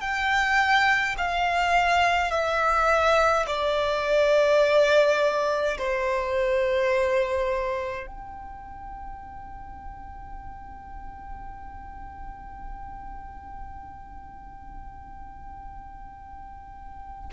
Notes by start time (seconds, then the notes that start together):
0.00 G5
1.17 F5
2.31 E5
3.47 D5
5.77 C5
8.07 G5